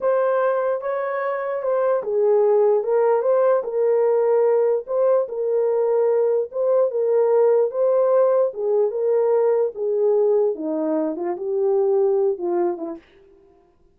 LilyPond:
\new Staff \with { instrumentName = "horn" } { \time 4/4 \tempo 4 = 148 c''2 cis''2 | c''4 gis'2 ais'4 | c''4 ais'2. | c''4 ais'2. |
c''4 ais'2 c''4~ | c''4 gis'4 ais'2 | gis'2 dis'4. f'8 | g'2~ g'8 f'4 e'8 | }